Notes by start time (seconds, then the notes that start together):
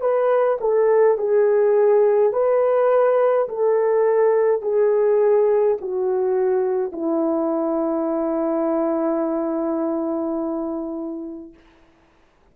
0.00 B4
0.60 A4
1.17 G#4
2.32 B4
3.48 A4
4.62 G#4
5.81 F#4
6.92 E4